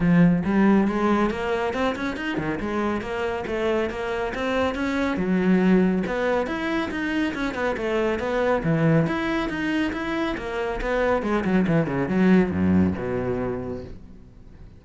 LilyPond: \new Staff \with { instrumentName = "cello" } { \time 4/4 \tempo 4 = 139 f4 g4 gis4 ais4 | c'8 cis'8 dis'8 dis8 gis4 ais4 | a4 ais4 c'4 cis'4 | fis2 b4 e'4 |
dis'4 cis'8 b8 a4 b4 | e4 e'4 dis'4 e'4 | ais4 b4 gis8 fis8 e8 cis8 | fis4 fis,4 b,2 | }